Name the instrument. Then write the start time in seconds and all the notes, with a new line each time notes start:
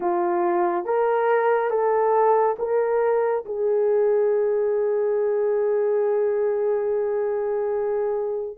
horn
0.00 F4
0.85 A#4
1.70 A4
2.58 A#4
3.45 G#4